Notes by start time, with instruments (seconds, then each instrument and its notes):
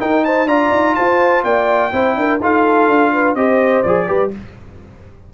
0.00 trombone D#4, tuba D#4, horn A#4, trumpet G5
0.24 horn C5, trumpet A5
0.45 tuba D4, trombone F4, horn D5, trumpet A#5
0.70 tuba D#4
0.95 tuba F4, horn C5, trumpet A5
1.44 tuba A#3, horn D5, trumpet G5
1.92 tuba C4, trombone E4, horn C5
2.15 tuba D4, horn A#4
2.40 tuba D#4, trombone F4, horn A4, trumpet F5
2.88 tuba D4
3.13 horn B4
3.35 tuba C4, trombone G4, horn C5, trumpet D#5
3.82 tuba F3, trombone G#4, trumpet D5
4.07 tuba G3, trombone G4, horn B4